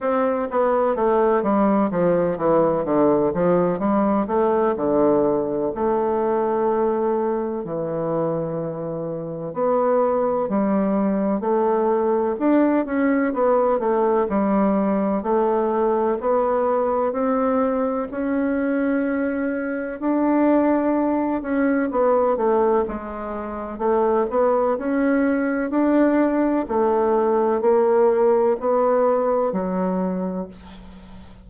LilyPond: \new Staff \with { instrumentName = "bassoon" } { \time 4/4 \tempo 4 = 63 c'8 b8 a8 g8 f8 e8 d8 f8 | g8 a8 d4 a2 | e2 b4 g4 | a4 d'8 cis'8 b8 a8 g4 |
a4 b4 c'4 cis'4~ | cis'4 d'4. cis'8 b8 a8 | gis4 a8 b8 cis'4 d'4 | a4 ais4 b4 fis4 | }